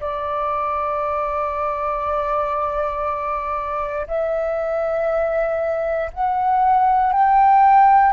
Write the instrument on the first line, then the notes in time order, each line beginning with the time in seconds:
flute
0.00 D5
4.07 E5
6.13 F#5
7.13 G5